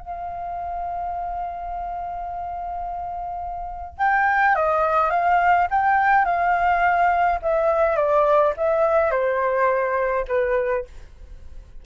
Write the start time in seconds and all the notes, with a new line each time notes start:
0.00 F5
3.98 G5
4.56 D#5
5.10 F5
5.71 G5
6.25 F5
7.42 E5
7.96 D5
8.57 E5
9.11 C5
10.28 B4